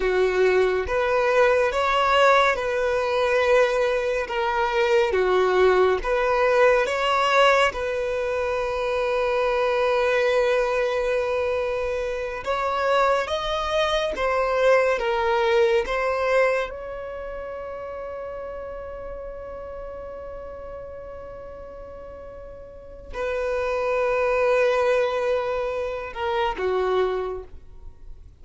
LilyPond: \new Staff \with { instrumentName = "violin" } { \time 4/4 \tempo 4 = 70 fis'4 b'4 cis''4 b'4~ | b'4 ais'4 fis'4 b'4 | cis''4 b'2.~ | b'2~ b'8 cis''4 dis''8~ |
dis''8 c''4 ais'4 c''4 cis''8~ | cis''1~ | cis''2. b'4~ | b'2~ b'8 ais'8 fis'4 | }